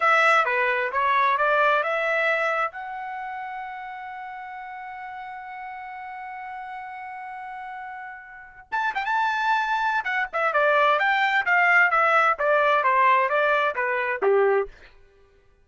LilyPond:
\new Staff \with { instrumentName = "trumpet" } { \time 4/4 \tempo 4 = 131 e''4 b'4 cis''4 d''4 | e''2 fis''2~ | fis''1~ | fis''1~ |
fis''2. a''8 g''16 a''16~ | a''2 fis''8 e''8 d''4 | g''4 f''4 e''4 d''4 | c''4 d''4 b'4 g'4 | }